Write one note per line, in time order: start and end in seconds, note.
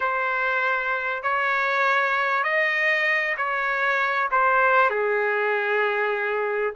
0.00 1.22 C5
1.22 2.43 C#5
2.43 3.35 D#5
3.37 4.29 C#5
4.31 4.90 C5
4.90 6.73 G#4